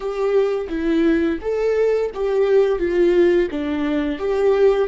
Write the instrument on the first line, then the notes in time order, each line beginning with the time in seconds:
viola
0.00 G4
0.69 E4
1.41 A4
2.14 G4
2.78 F4
3.51 D4
4.19 G4